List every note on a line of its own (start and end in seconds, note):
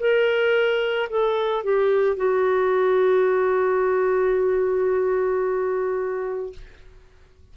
0.00 1.09 A#4
1.10 1.64 A4
1.64 2.17 G4
2.17 6.53 F#4